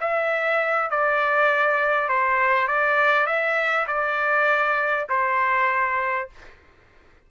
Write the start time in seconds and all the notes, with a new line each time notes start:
0.00 E5
0.90 D5
2.08 C5
2.67 D5
3.26 E5
3.87 D5
5.09 C5